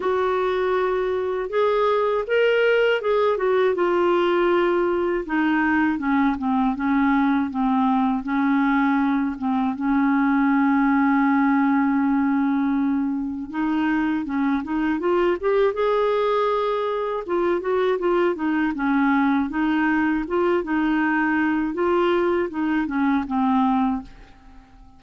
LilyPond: \new Staff \with { instrumentName = "clarinet" } { \time 4/4 \tempo 4 = 80 fis'2 gis'4 ais'4 | gis'8 fis'8 f'2 dis'4 | cis'8 c'8 cis'4 c'4 cis'4~ | cis'8 c'8 cis'2.~ |
cis'2 dis'4 cis'8 dis'8 | f'8 g'8 gis'2 f'8 fis'8 | f'8 dis'8 cis'4 dis'4 f'8 dis'8~ | dis'4 f'4 dis'8 cis'8 c'4 | }